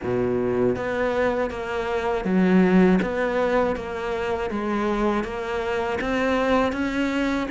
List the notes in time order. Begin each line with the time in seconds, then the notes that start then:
0.03 B2
0.76 B3
1.50 A#3
2.24 F#3
3.02 B3
3.76 A#3
4.50 G#3
5.24 A#3
6.00 C4
6.72 C#4